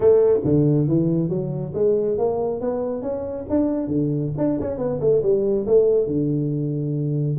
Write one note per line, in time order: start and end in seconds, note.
0.00 0.40 A3
0.44 0.87 D3
0.87 1.29 E3
1.29 1.72 F#3
1.74 2.18 G#3
2.18 2.60 A#3
2.60 3.02 B3
3.02 3.45 C#4
3.49 3.87 D4
3.87 4.31 D3
4.37 4.59 D4
4.60 4.77 C#4
4.77 4.99 B3
5.00 5.22 A3
5.22 5.66 G3
5.66 6.06 A3
6.06 7.37 D3